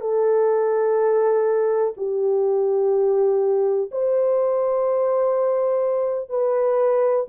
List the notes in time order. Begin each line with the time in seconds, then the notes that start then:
0.00 A4
1.97 G4
3.91 C5
6.29 B4